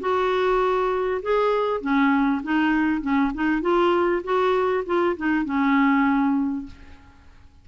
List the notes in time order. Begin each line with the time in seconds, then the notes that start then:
0.00 F#4
1.22 G#4
1.81 C#4
2.43 D#4
3.01 C#4
3.34 D#4
3.61 F4
4.23 F#4
4.86 F4
5.17 D#4
5.45 C#4